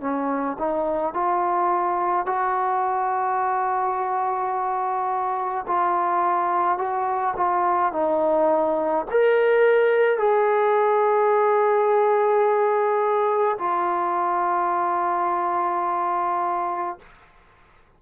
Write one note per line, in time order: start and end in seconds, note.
0.00 0.57 C#4
0.59 1.13 D#4
1.13 2.26 F4
2.26 5.66 F#4
5.67 6.77 F4
6.77 7.34 F#4
7.36 7.92 F4
7.92 9.05 D#4
9.10 10.17 A#4
10.17 13.57 G#4
13.58 16.98 F4